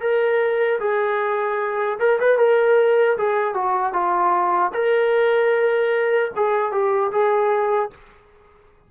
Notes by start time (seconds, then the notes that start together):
0.00 A#4
0.79 G#4
1.99 A#4
2.19 B4
2.38 A#4
3.17 G#4
3.54 F#4
3.93 F4
4.73 A#4
6.36 G#4
6.71 G4
7.11 G#4